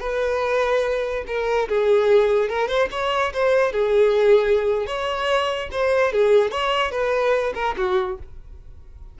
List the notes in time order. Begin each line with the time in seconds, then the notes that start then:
0.00 B4
1.27 A#4
1.69 G#4
2.49 A#4
2.68 C5
2.91 C#5
3.33 C5
3.72 G#4
4.86 C#5
5.71 C5
6.12 G#4
6.51 C#5
6.91 B4
7.54 A#4
7.77 F#4